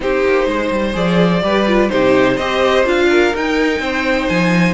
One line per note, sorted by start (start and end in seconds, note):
0.00 0.23 C4
0.00 0.93 D#4
0.00 0.48 G4
0.00 0.95 C5
0.24 0.46 A#3
0.46 0.70 G#3
0.46 1.43 C5
0.70 0.94 G3
0.93 1.42 F3
0.93 1.40 G#4
0.93 1.89 D5
1.42 1.90 G3
1.42 1.66 G4
1.42 1.91 B4
1.67 1.89 F4
1.89 2.37 C3
1.89 2.37 D#4
1.89 2.34 G4
1.89 2.37 C5
2.34 2.85 C4
2.34 3.05 C5
2.34 2.84 D#5
2.40 2.84 G4
2.84 3.33 D4
2.84 3.32 F4
2.84 3.35 F5
3.09 3.80 A#4
3.35 3.79 D#4
3.35 4.74 D#4
3.35 4.28 G5
3.79 4.27 C4
3.79 4.74 C5
4.28 4.74 F3
4.28 4.74 G#5